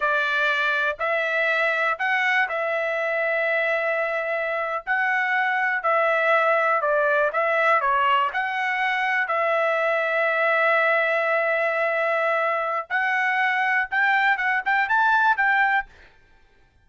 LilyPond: \new Staff \with { instrumentName = "trumpet" } { \time 4/4 \tempo 4 = 121 d''2 e''2 | fis''4 e''2.~ | e''4.~ e''16 fis''2 e''16~ | e''4.~ e''16 d''4 e''4 cis''16~ |
cis''8. fis''2 e''4~ e''16~ | e''1~ | e''2 fis''2 | g''4 fis''8 g''8 a''4 g''4 | }